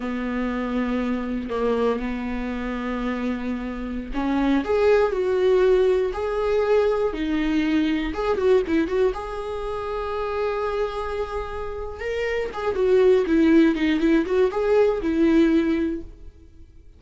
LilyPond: \new Staff \with { instrumentName = "viola" } { \time 4/4 \tempo 4 = 120 b2. ais4 | b1~ | b16 cis'4 gis'4 fis'4.~ fis'16~ | fis'16 gis'2 dis'4.~ dis'16~ |
dis'16 gis'8 fis'8 e'8 fis'8 gis'4.~ gis'16~ | gis'1 | ais'4 gis'8 fis'4 e'4 dis'8 | e'8 fis'8 gis'4 e'2 | }